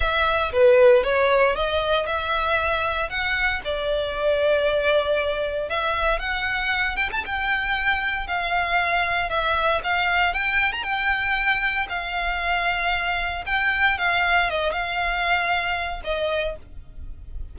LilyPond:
\new Staff \with { instrumentName = "violin" } { \time 4/4 \tempo 4 = 116 e''4 b'4 cis''4 dis''4 | e''2 fis''4 d''4~ | d''2. e''4 | fis''4. g''16 a''16 g''2 |
f''2 e''4 f''4 | g''8. ais''16 g''2 f''4~ | f''2 g''4 f''4 | dis''8 f''2~ f''8 dis''4 | }